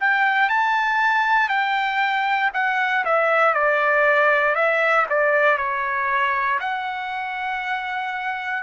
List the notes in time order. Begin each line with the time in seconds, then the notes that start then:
0.00 G5
0.49 A5
1.49 G5
2.54 F#5
3.05 E5
3.54 D5
4.55 E5
5.10 D5
5.58 C#5
6.60 F#5